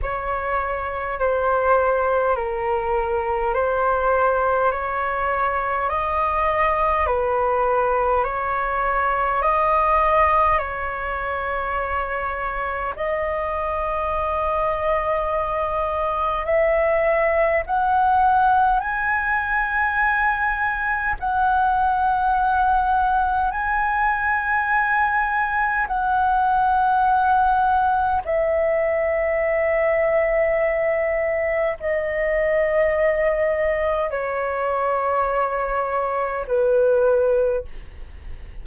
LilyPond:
\new Staff \with { instrumentName = "flute" } { \time 4/4 \tempo 4 = 51 cis''4 c''4 ais'4 c''4 | cis''4 dis''4 b'4 cis''4 | dis''4 cis''2 dis''4~ | dis''2 e''4 fis''4 |
gis''2 fis''2 | gis''2 fis''2 | e''2. dis''4~ | dis''4 cis''2 b'4 | }